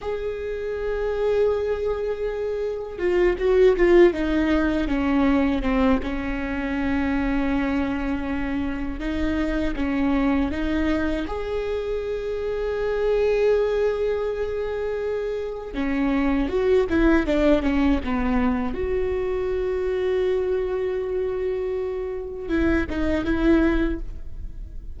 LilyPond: \new Staff \with { instrumentName = "viola" } { \time 4/4 \tempo 4 = 80 gis'1 | f'8 fis'8 f'8 dis'4 cis'4 c'8 | cis'1 | dis'4 cis'4 dis'4 gis'4~ |
gis'1~ | gis'4 cis'4 fis'8 e'8 d'8 cis'8 | b4 fis'2.~ | fis'2 e'8 dis'8 e'4 | }